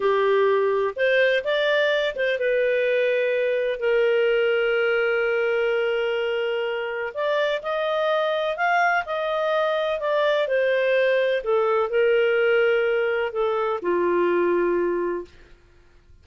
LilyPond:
\new Staff \with { instrumentName = "clarinet" } { \time 4/4 \tempo 4 = 126 g'2 c''4 d''4~ | d''8 c''8 b'2. | ais'1~ | ais'2. d''4 |
dis''2 f''4 dis''4~ | dis''4 d''4 c''2 | a'4 ais'2. | a'4 f'2. | }